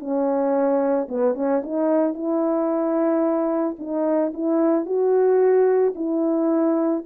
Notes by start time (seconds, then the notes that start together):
0.00 C#4
1.09 B3
1.35 C#4
1.64 D#4
2.14 E4
3.79 D#4
4.34 E4
4.86 F#4
5.96 E4